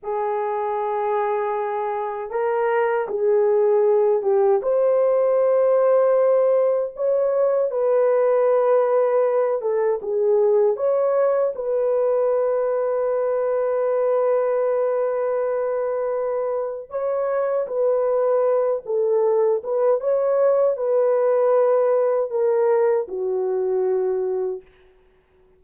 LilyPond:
\new Staff \with { instrumentName = "horn" } { \time 4/4 \tempo 4 = 78 gis'2. ais'4 | gis'4. g'8 c''2~ | c''4 cis''4 b'2~ | b'8 a'8 gis'4 cis''4 b'4~ |
b'1~ | b'2 cis''4 b'4~ | b'8 a'4 b'8 cis''4 b'4~ | b'4 ais'4 fis'2 | }